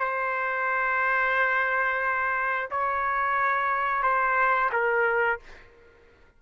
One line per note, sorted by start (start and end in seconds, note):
0.00 2.70 C5
2.71 4.03 C#5
4.03 4.70 C5
4.73 5.40 A#4